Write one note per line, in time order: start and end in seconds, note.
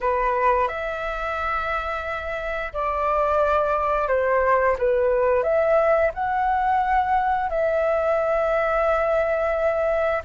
0.00 0.68 B4
0.68 2.72 E5
2.73 4.08 D5
4.08 4.76 C5
4.78 5.43 B4
5.43 6.11 E5
6.14 7.49 F#5
7.49 10.22 E5